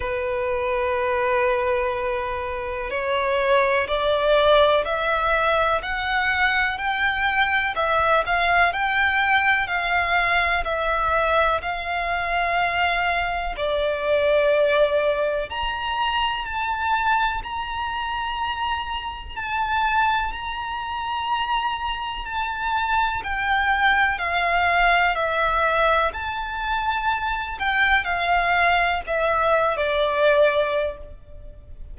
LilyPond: \new Staff \with { instrumentName = "violin" } { \time 4/4 \tempo 4 = 62 b'2. cis''4 | d''4 e''4 fis''4 g''4 | e''8 f''8 g''4 f''4 e''4 | f''2 d''2 |
ais''4 a''4 ais''2 | a''4 ais''2 a''4 | g''4 f''4 e''4 a''4~ | a''8 g''8 f''4 e''8. d''4~ d''16 | }